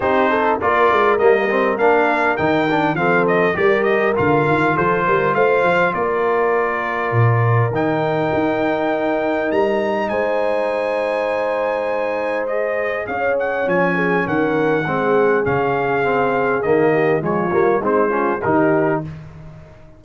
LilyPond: <<
  \new Staff \with { instrumentName = "trumpet" } { \time 4/4 \tempo 4 = 101 c''4 d''4 dis''4 f''4 | g''4 f''8 dis''8 d''8 dis''8 f''4 | c''4 f''4 d''2~ | d''4 g''2. |
ais''4 gis''2.~ | gis''4 dis''4 f''8 fis''8 gis''4 | fis''2 f''2 | dis''4 cis''4 c''4 ais'4 | }
  \new Staff \with { instrumentName = "horn" } { \time 4/4 g'8 a'8 ais'2.~ | ais'4 a'4 ais'2 | a'8 ais'8 c''4 ais'2~ | ais'1~ |
ais'4 c''2.~ | c''2 cis''4. gis'8 | ais'4 gis'2.~ | gis'8 g'8 f'4 dis'8 f'8 g'4 | }
  \new Staff \with { instrumentName = "trombone" } { \time 4/4 dis'4 f'4 ais8 c'8 d'4 | dis'8 d'8 c'4 g'4 f'4~ | f'1~ | f'4 dis'2.~ |
dis'1~ | dis'4 gis'2 cis'4~ | cis'4 c'4 cis'4 c'4 | ais4 gis8 ais8 c'8 cis'8 dis'4 | }
  \new Staff \with { instrumentName = "tuba" } { \time 4/4 c'4 ais8 gis8 g4 ais4 | dis4 f4 g4 d8 dis8 | f8 g8 a8 f8 ais2 | ais,4 dis4 dis'2 |
g4 gis2.~ | gis2 cis'4 f4 | dis4 gis4 cis2 | dis4 f8 g8 gis4 dis4 | }
>>